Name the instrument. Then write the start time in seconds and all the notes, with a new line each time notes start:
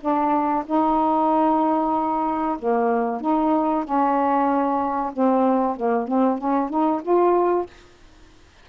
saxophone
0.00 D4
0.66 D#4
2.58 A#3
3.20 D#4
3.84 C#4
5.12 C4
5.76 A#3
6.07 C4
6.38 C#4
6.69 D#4
7.02 F4